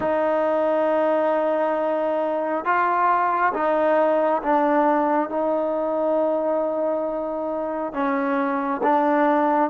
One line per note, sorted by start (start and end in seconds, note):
0.00 2.64 D#4
2.64 3.53 F4
3.53 4.42 D#4
4.42 5.29 D4
5.29 7.93 D#4
7.93 8.81 C#4
8.82 9.70 D4